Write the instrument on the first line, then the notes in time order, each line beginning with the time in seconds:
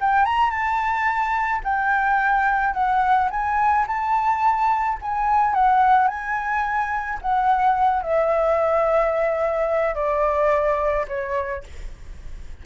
flute
0.00 G5
0.25 A#5
0.50 A5
1.64 G5
2.73 F#5
3.30 G#5
3.87 A5
5.02 G#5
5.54 F#5
6.07 G#5
7.21 F#5
8.02 E5
9.94 D5
11.08 C#5